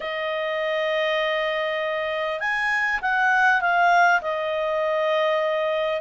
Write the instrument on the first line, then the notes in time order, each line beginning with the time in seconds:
clarinet
0.00 D#5
2.39 G#5
3.01 F#5
3.61 F5
4.21 D#5